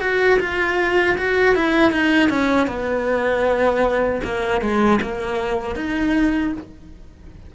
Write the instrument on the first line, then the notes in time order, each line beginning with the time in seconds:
cello
0.00 F#4
0.39 F4
1.17 F#4
1.55 E4
1.91 D#4
2.29 C#4
2.67 B3
4.23 A#3
4.61 G#3
5.01 A#3
5.75 D#4